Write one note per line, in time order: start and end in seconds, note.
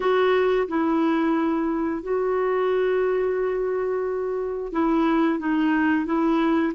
0.00 0.67 F#4
0.67 2.02 E4
2.02 4.72 F#4
4.72 5.39 E4
5.39 6.05 D#4
6.05 6.72 E4